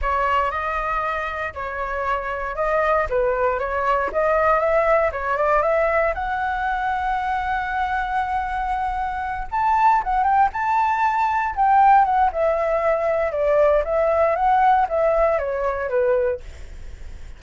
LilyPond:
\new Staff \with { instrumentName = "flute" } { \time 4/4 \tempo 4 = 117 cis''4 dis''2 cis''4~ | cis''4 dis''4 b'4 cis''4 | dis''4 e''4 cis''8 d''8 e''4 | fis''1~ |
fis''2~ fis''8 a''4 fis''8 | g''8 a''2 g''4 fis''8 | e''2 d''4 e''4 | fis''4 e''4 cis''4 b'4 | }